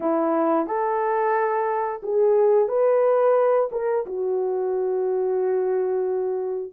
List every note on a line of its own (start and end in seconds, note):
0.00 0.66 E4
0.66 2.01 A4
2.02 2.68 G#4
2.68 3.69 B4
3.71 4.05 A#4
4.06 6.72 F#4